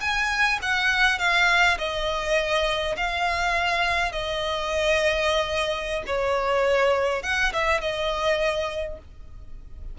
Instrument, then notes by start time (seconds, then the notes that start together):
violin
0.00 G#5
0.62 F#5
1.19 F5
1.78 D#5
2.97 F5
4.12 D#5
6.06 C#5
7.22 F#5
7.53 E5
7.80 D#5